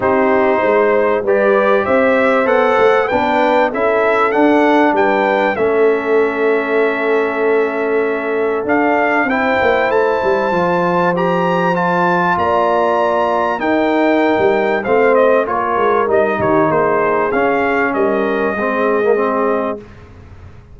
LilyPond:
<<
  \new Staff \with { instrumentName = "trumpet" } { \time 4/4 \tempo 4 = 97 c''2 d''4 e''4 | fis''4 g''4 e''4 fis''4 | g''4 e''2.~ | e''2 f''4 g''4 |
a''2 ais''4 a''4 | ais''2 g''2 | f''8 dis''8 cis''4 dis''8 cis''8 c''4 | f''4 dis''2. | }
  \new Staff \with { instrumentName = "horn" } { \time 4/4 g'4 c''4 b'4 c''4~ | c''4 b'4 a'2 | b'4 a'2.~ | a'2. c''4~ |
c''1 | d''2 ais'2 | c''4 ais'4. g'8 gis'4~ | gis'4 ais'4 gis'2 | }
  \new Staff \with { instrumentName = "trombone" } { \time 4/4 dis'2 g'2 | a'4 d'4 e'4 d'4~ | d'4 cis'2.~ | cis'2 d'4 e'4~ |
e'4 f'4 g'4 f'4~ | f'2 dis'2 | c'4 f'4 dis'2 | cis'2 c'8. ais16 c'4 | }
  \new Staff \with { instrumentName = "tuba" } { \time 4/4 c'4 gis4 g4 c'4 | b8 a8 b4 cis'4 d'4 | g4 a2.~ | a2 d'4 c'8 ais8 |
a8 g8 f2. | ais2 dis'4~ dis'16 g8. | a4 ais8 gis8 g8 dis8 ais4 | cis'4 g4 gis2 | }
>>